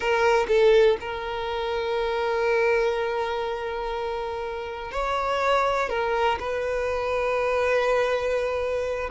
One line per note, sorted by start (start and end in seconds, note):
0.00 0.46 A#4
0.48 0.97 A4
1.00 4.91 A#4
4.91 5.89 C#5
5.89 6.38 A#4
6.39 9.10 B4